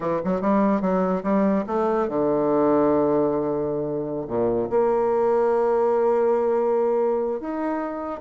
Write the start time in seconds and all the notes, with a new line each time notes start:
0.00 E3
0.24 F#3
0.41 G3
0.81 F#3
1.23 G3
1.67 A3
2.08 D3
4.27 A#2
4.70 A#3
7.40 D#4